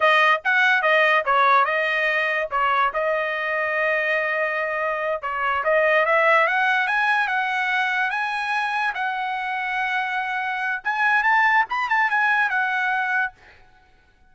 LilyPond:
\new Staff \with { instrumentName = "trumpet" } { \time 4/4 \tempo 4 = 144 dis''4 fis''4 dis''4 cis''4 | dis''2 cis''4 dis''4~ | dis''1~ | dis''8 cis''4 dis''4 e''4 fis''8~ |
fis''8 gis''4 fis''2 gis''8~ | gis''4. fis''2~ fis''8~ | fis''2 gis''4 a''4 | b''8 a''8 gis''4 fis''2 | }